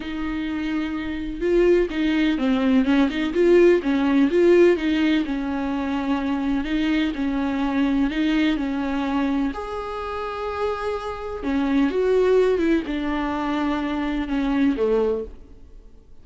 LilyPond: \new Staff \with { instrumentName = "viola" } { \time 4/4 \tempo 4 = 126 dis'2. f'4 | dis'4 c'4 cis'8 dis'8 f'4 | cis'4 f'4 dis'4 cis'4~ | cis'2 dis'4 cis'4~ |
cis'4 dis'4 cis'2 | gis'1 | cis'4 fis'4. e'8 d'4~ | d'2 cis'4 a4 | }